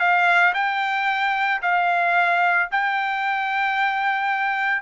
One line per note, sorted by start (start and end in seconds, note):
0.00 0.54 F5
0.54 1.61 G5
1.62 2.69 F5
2.72 4.82 G5